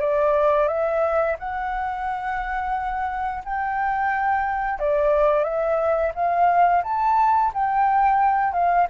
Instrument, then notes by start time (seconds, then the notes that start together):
flute
0.00 D5
0.68 E5
1.39 F#5
3.44 G5
4.79 D5
5.44 E5
6.14 F5
6.83 A5
7.53 G5
8.53 F5